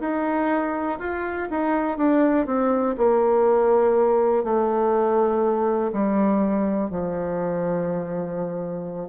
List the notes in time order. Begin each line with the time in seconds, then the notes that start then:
0.00 D#4
0.99 F4
1.50 D#4
1.97 D4
2.46 C4
2.97 A#3
4.44 A3
5.92 G3
6.90 F3